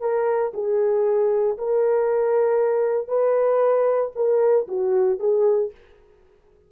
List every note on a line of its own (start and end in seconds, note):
0.00 0.52 A#4
0.54 1.57 G#4
1.58 3.08 A#4
3.08 4.11 B4
4.15 4.67 A#4
4.68 5.19 F#4
5.19 5.71 G#4